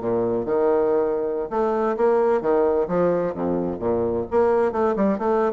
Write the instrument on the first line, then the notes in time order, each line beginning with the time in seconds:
bassoon
0.00 A#2
0.45 D#3
1.50 A3
1.96 A#3
2.41 D#3
2.88 F3
3.34 F2
3.79 A#2
4.30 A#3
4.72 A3
4.96 G3
5.18 A3